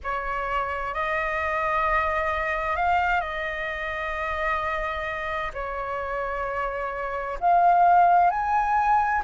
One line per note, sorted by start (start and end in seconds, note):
0.03 0.94 C#5
0.94 2.76 D#5
2.76 3.21 F5
3.21 5.51 D#5
5.53 7.38 C#5
7.40 8.30 F5
8.30 9.22 G#5